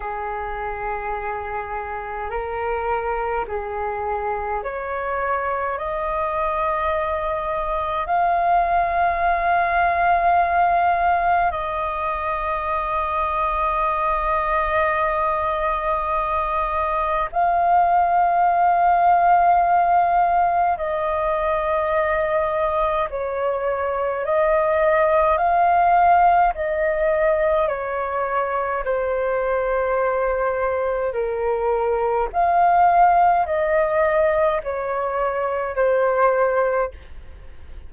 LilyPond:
\new Staff \with { instrumentName = "flute" } { \time 4/4 \tempo 4 = 52 gis'2 ais'4 gis'4 | cis''4 dis''2 f''4~ | f''2 dis''2~ | dis''2. f''4~ |
f''2 dis''2 | cis''4 dis''4 f''4 dis''4 | cis''4 c''2 ais'4 | f''4 dis''4 cis''4 c''4 | }